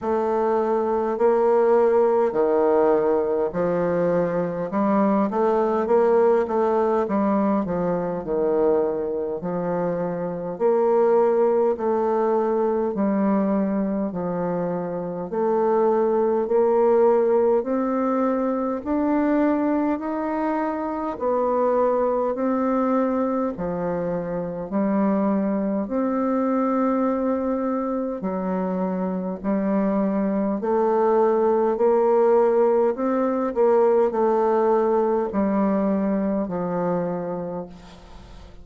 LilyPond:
\new Staff \with { instrumentName = "bassoon" } { \time 4/4 \tempo 4 = 51 a4 ais4 dis4 f4 | g8 a8 ais8 a8 g8 f8 dis4 | f4 ais4 a4 g4 | f4 a4 ais4 c'4 |
d'4 dis'4 b4 c'4 | f4 g4 c'2 | fis4 g4 a4 ais4 | c'8 ais8 a4 g4 f4 | }